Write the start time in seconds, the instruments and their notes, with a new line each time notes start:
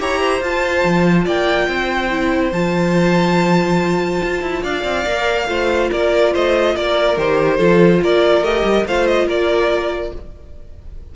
0.00 cello E4, viola G4, violin C#5 A#5
0.20 violin C5
0.40 viola F4, cello F4, violin A5
0.84 cello F3
1.25 cello A#3, violin D5 G5
1.68 cello C4, violin C5
2.10 viola E4
2.52 cello F3, viola F4, violin A5
4.23 cello F4
4.42 cello E4
4.63 cello D4, violin D5 F5
4.84 cello C4
5.06 cello A#3, viola A#4
5.47 cello A3, viola F4, violin C5
5.92 cello A#3, violin A#4 D5
6.33 cello A3, violin C5 D#5
6.76 cello A#3, violin A#4 D5
7.17 cello D#3, viola G4, violin C5
7.58 cello F3, viola F4, violin A4
8.03 cello A#3, violin A#4 D5
8.42 cello A3, viola G4, violin D#5
8.64 cello G3
8.86 cello A3, viola F4, violin C5 F5
9.07 violin D#5
9.27 cello A#3, violin A#4 D5